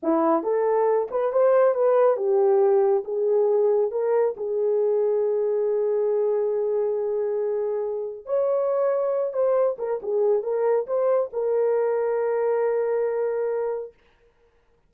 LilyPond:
\new Staff \with { instrumentName = "horn" } { \time 4/4 \tempo 4 = 138 e'4 a'4. b'8 c''4 | b'4 g'2 gis'4~ | gis'4 ais'4 gis'2~ | gis'1~ |
gis'2. cis''4~ | cis''4. c''4 ais'8 gis'4 | ais'4 c''4 ais'2~ | ais'1 | }